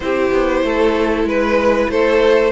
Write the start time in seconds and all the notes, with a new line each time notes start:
0.00 C4 E4 G4 C5
0.31 B3
0.62 A3 A4
1.24 G#3 B4
1.89 A3 A4 C5